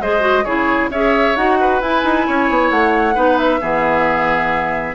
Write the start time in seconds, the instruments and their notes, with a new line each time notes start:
0.00 bassoon G#3, clarinet G#4, oboe C5, flute D#5
0.20 clarinet F#4
0.45 bassoon C#3, clarinet E4, oboe G#4, flute C#5
0.90 bassoon C#4, clarinet G#4, oboe C#5, flute E5
1.36 bassoon D#4, clarinet F#4, flute F#5
1.60 oboe B4
1.81 bassoon E4, clarinet E4, flute G#5
2.04 bassoon D#4
2.27 bassoon C#4, oboe C#5
2.50 bassoon B3
2.71 bassoon A3, flute F#5
3.14 bassoon B3, clarinet D#4, oboe B4
3.38 flute E5
3.61 bassoon E3, clarinet B3, oboe G#4